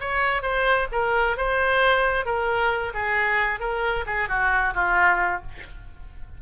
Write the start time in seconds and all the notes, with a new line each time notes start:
0.00 C#5
0.42 C5
0.92 A#4
1.37 C5
2.25 A#4
2.94 G#4
3.60 A#4
4.06 G#4
4.29 F#4
4.74 F4